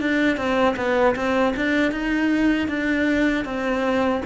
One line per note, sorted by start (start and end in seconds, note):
0.00 0.37 D4
0.37 0.75 C4
0.77 1.15 B3
1.15 1.54 C4
1.56 1.92 D4
1.92 2.68 D#4
2.68 3.44 D4
3.44 4.21 C4